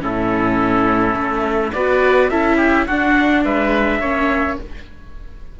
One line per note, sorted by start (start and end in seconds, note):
0.00 1.14 A2
0.00 1.71 C#4
0.00 1.74 E4
0.00 1.72 A4
1.14 1.71 A3
1.72 2.30 B3
1.72 2.31 F#4
1.72 2.31 B4
1.72 2.29 D5
2.29 2.87 C#4
2.29 2.88 E4
2.29 2.56 A4
2.29 2.86 E5
2.56 2.85 G4
2.86 3.45 D4
2.86 4.02 D4
2.86 3.43 F#4
2.86 3.44 F#5
3.44 3.99 G#3
3.44 4.00 B4
3.44 4.59 E5
3.99 4.56 A#3
3.99 4.59 C#4
3.99 4.57 C#5